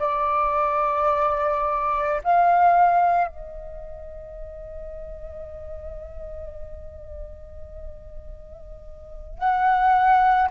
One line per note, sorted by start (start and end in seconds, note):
0.00 2.22 D5
2.24 3.28 F5
3.28 9.39 D#5
9.39 10.50 F#5